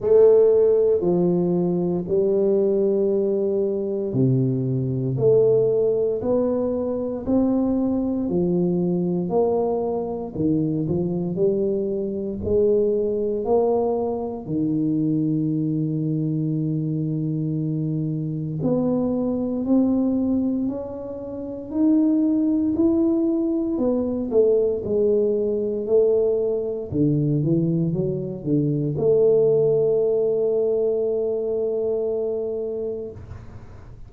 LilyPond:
\new Staff \with { instrumentName = "tuba" } { \time 4/4 \tempo 4 = 58 a4 f4 g2 | c4 a4 b4 c'4 | f4 ais4 dis8 f8 g4 | gis4 ais4 dis2~ |
dis2 b4 c'4 | cis'4 dis'4 e'4 b8 a8 | gis4 a4 d8 e8 fis8 d8 | a1 | }